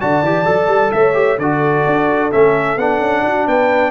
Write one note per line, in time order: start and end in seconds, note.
0.00 0.22 D3
0.00 0.23 F#4
0.00 0.92 D5
0.00 0.92 A5
0.22 0.45 E3
0.22 0.45 G4
0.45 0.67 F#3
0.45 1.13 A4
0.67 0.90 G3
0.92 1.38 A3
0.92 1.39 C#5
0.92 1.38 E5
1.13 1.36 G4
1.38 1.84 D3
1.38 2.31 F#4
1.38 3.23 A4
1.38 2.31 D5
1.86 2.32 D4
2.31 2.77 A3
2.31 2.77 C#4
2.31 2.78 E5
2.77 3.00 B3
2.77 3.91 D4
2.77 3.47 F#5
3.00 3.23 C#4
3.23 3.46 D4
3.23 3.47 F#4
3.47 3.91 B3
3.47 3.91 B4
3.47 3.91 G5